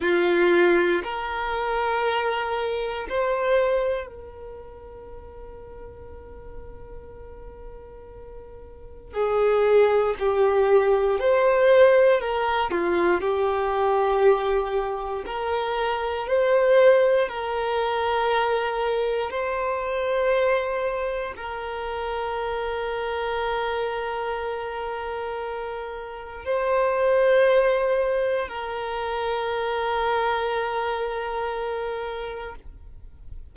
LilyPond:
\new Staff \with { instrumentName = "violin" } { \time 4/4 \tempo 4 = 59 f'4 ais'2 c''4 | ais'1~ | ais'4 gis'4 g'4 c''4 | ais'8 f'8 g'2 ais'4 |
c''4 ais'2 c''4~ | c''4 ais'2.~ | ais'2 c''2 | ais'1 | }